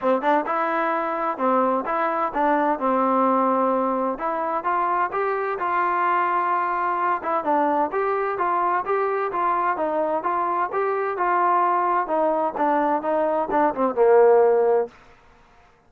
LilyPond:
\new Staff \with { instrumentName = "trombone" } { \time 4/4 \tempo 4 = 129 c'8 d'8 e'2 c'4 | e'4 d'4 c'2~ | c'4 e'4 f'4 g'4 | f'2.~ f'8 e'8 |
d'4 g'4 f'4 g'4 | f'4 dis'4 f'4 g'4 | f'2 dis'4 d'4 | dis'4 d'8 c'8 ais2 | }